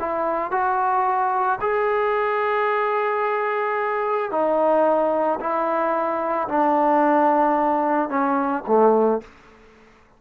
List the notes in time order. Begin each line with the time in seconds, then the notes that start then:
0.00 E4
0.51 F#4
1.61 G#4
4.31 D#4
5.40 E4
6.48 D4
8.09 C#4
8.67 A3